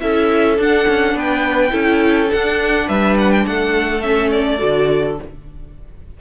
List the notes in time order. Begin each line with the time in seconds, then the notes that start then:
0.00 C#4 E4 A4 E5
0.58 D4 F#5
0.88 C#4
1.14 B3 B4 G5
1.70 C#4 E4 A4
2.28 D4 F#5
2.87 G3 B4 E5
3.19 F#5
3.32 G5
3.47 A3 A4 F#5
4.02 C#4 E5
4.32 D5
4.58 D3 F#4